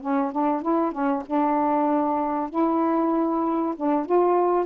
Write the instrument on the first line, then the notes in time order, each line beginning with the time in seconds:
saxophone
0.00 C#4
0.32 D4
0.61 E4
0.91 C#4
1.26 D4
2.49 E4
3.76 D4
4.05 F4